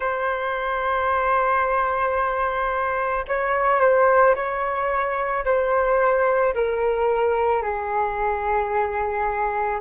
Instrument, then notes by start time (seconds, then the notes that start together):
flute
0.00 C5
3.27 C#5
3.80 C5
4.35 C#5
5.44 C5
6.54 A#4
7.62 G#4